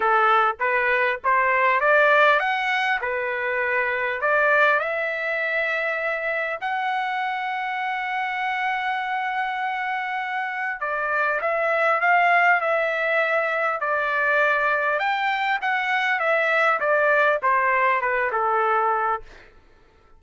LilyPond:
\new Staff \with { instrumentName = "trumpet" } { \time 4/4 \tempo 4 = 100 a'4 b'4 c''4 d''4 | fis''4 b'2 d''4 | e''2. fis''4~ | fis''1~ |
fis''2 d''4 e''4 | f''4 e''2 d''4~ | d''4 g''4 fis''4 e''4 | d''4 c''4 b'8 a'4. | }